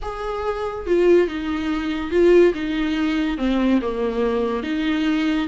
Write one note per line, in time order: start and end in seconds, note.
0.02 0.86 G#4
0.86 1.27 F4
1.27 2.10 D#4
2.10 2.53 F4
2.54 3.37 D#4
3.37 3.80 C4
3.81 4.63 A#3
4.63 5.47 D#4